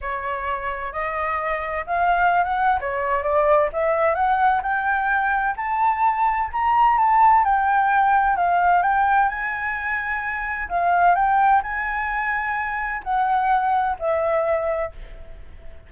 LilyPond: \new Staff \with { instrumentName = "flute" } { \time 4/4 \tempo 4 = 129 cis''2 dis''2 | f''4~ f''16 fis''8. cis''4 d''4 | e''4 fis''4 g''2 | a''2 ais''4 a''4 |
g''2 f''4 g''4 | gis''2. f''4 | g''4 gis''2. | fis''2 e''2 | }